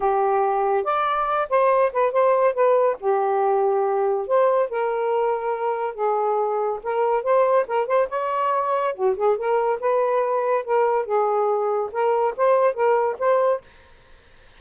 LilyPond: \new Staff \with { instrumentName = "saxophone" } { \time 4/4 \tempo 4 = 141 g'2 d''4. c''8~ | c''8 b'8 c''4 b'4 g'4~ | g'2 c''4 ais'4~ | ais'2 gis'2 |
ais'4 c''4 ais'8 c''8 cis''4~ | cis''4 fis'8 gis'8 ais'4 b'4~ | b'4 ais'4 gis'2 | ais'4 c''4 ais'4 c''4 | }